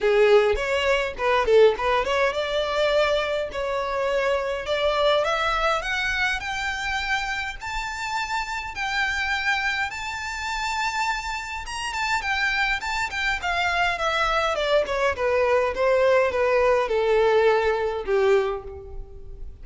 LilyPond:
\new Staff \with { instrumentName = "violin" } { \time 4/4 \tempo 4 = 103 gis'4 cis''4 b'8 a'8 b'8 cis''8 | d''2 cis''2 | d''4 e''4 fis''4 g''4~ | g''4 a''2 g''4~ |
g''4 a''2. | ais''8 a''8 g''4 a''8 g''8 f''4 | e''4 d''8 cis''8 b'4 c''4 | b'4 a'2 g'4 | }